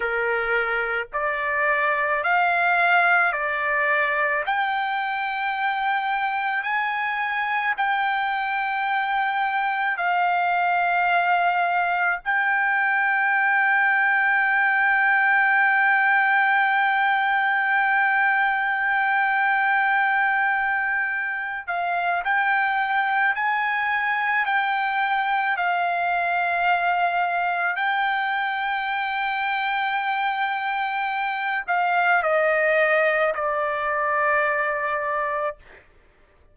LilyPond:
\new Staff \with { instrumentName = "trumpet" } { \time 4/4 \tempo 4 = 54 ais'4 d''4 f''4 d''4 | g''2 gis''4 g''4~ | g''4 f''2 g''4~ | g''1~ |
g''2.~ g''8 f''8 | g''4 gis''4 g''4 f''4~ | f''4 g''2.~ | g''8 f''8 dis''4 d''2 | }